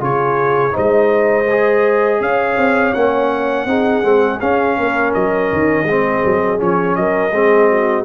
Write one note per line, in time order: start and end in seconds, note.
0.00 0.73 C#3
0.00 0.71 F4
0.00 0.73 G#4
0.00 0.76 C#5
0.71 2.20 G#3
0.71 1.44 D#4
0.71 2.20 C5
0.77 2.22 D#5
1.50 2.95 G#4
2.20 2.57 C#4
2.20 3.68 C#5
2.20 2.93 F5
2.57 2.93 C4
2.93 3.65 A#3
2.93 3.67 C#4
2.93 4.40 F#5
3.65 4.02 C4
3.65 4.03 D#4
3.65 4.77 G#4
4.03 4.40 G#3
4.03 4.39 C4
4.40 5.87 C#4
4.40 4.78 C#4
4.40 5.13 F5
4.77 5.14 A#3
4.77 5.86 A#4
5.14 5.52 F#3
5.14 6.60 D#5
5.52 5.84 D#3
5.84 6.20 G#3
5.84 6.57 C4
5.84 6.98 G#4
6.25 6.61 F#3
6.57 6.96 F3
6.57 7.30 C#4
6.57 6.95 C#5
6.95 7.31 F#3
6.95 7.34 A#4
6.95 8.04 D#5
7.31 8.04 G#3
7.31 8.04 C4
7.31 7.69 G#4
7.69 8.04 F#4